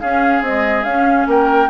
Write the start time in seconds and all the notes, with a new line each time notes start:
0.00 C#4 G#4 F5
0.41 G#3 C4 D#5
0.84 C#4 F5
1.27 A#3 A#4 G5